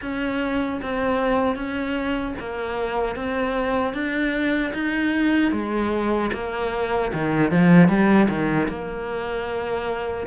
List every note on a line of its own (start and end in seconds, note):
0.01 0.80 C#4
0.82 1.55 C4
1.55 2.34 C#4
2.39 3.15 A#3
3.15 3.93 C4
3.93 4.72 D4
4.73 5.52 D#4
5.52 6.31 G#3
6.33 7.12 A#3
7.13 7.51 D#3
7.51 7.88 F3
7.88 8.28 G3
8.28 8.68 D#3
8.68 10.26 A#3